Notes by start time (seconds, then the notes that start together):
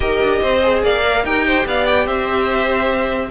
0.00 D#4 G4 A#4 D#5
0.20 D4
0.42 C4 C5
0.62 G#4
0.82 A#3 D5 F5
1.04 A#4
1.24 D#4 G4 A#4 G5
1.46 C5
1.66 B3 D5 F5
1.86 G5
2.05 C4 C5 E5